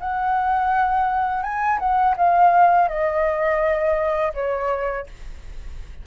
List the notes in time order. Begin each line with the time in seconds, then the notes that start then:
0.00 F#5
1.43 G#5
1.79 F#5
2.17 F5
2.88 D#5
4.34 C#5